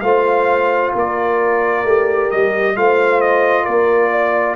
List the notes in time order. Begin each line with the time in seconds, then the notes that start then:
0.00 A3 F4 C5 F5
0.93 A#3 A#4 D5
1.84 A3 G4
2.31 G3 D#5
2.76 A3 F4 C5 F5
3.21 D#5
3.64 A#3 A#4 D5
4.11 D5